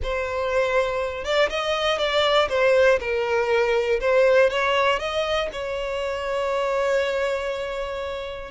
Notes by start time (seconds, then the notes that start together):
0.02 C5
1.24 D5
1.49 D#5
1.98 D5
2.49 C5
3.00 A#4
4.00 C5
4.50 C#5
4.99 D#5
5.52 C#5